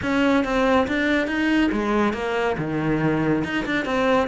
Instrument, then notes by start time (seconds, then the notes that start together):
cello
0.02 C#4
0.44 C4
0.87 D4
1.27 D#4
1.72 G#3
2.13 A#3
2.57 D#3
3.44 D#4
3.65 D4
3.85 C4